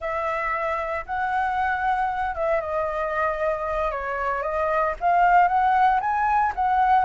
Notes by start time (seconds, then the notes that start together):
0.00 E5
1.06 F#5
2.35 E5
2.60 D#5
3.91 C#5
4.42 D#5
5.00 F5
5.48 F#5
6.00 G#5
6.55 F#5